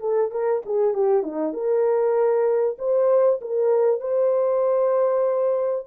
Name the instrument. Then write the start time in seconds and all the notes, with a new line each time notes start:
horn
0.00 A4
0.31 A#4
0.66 G#4
0.94 G4
1.23 D#4
1.53 A#4
2.78 C5
3.41 A#4
4.00 C5